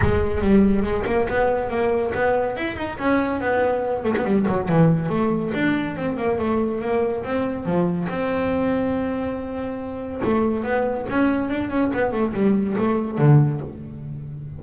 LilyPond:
\new Staff \with { instrumentName = "double bass" } { \time 4/4 \tempo 4 = 141 gis4 g4 gis8 ais8 b4 | ais4 b4 e'8 dis'8 cis'4 | b4. a16 b16 g8 fis8 e4 | a4 d'4 c'8 ais8 a4 |
ais4 c'4 f4 c'4~ | c'1 | a4 b4 cis'4 d'8 cis'8 | b8 a8 g4 a4 d4 | }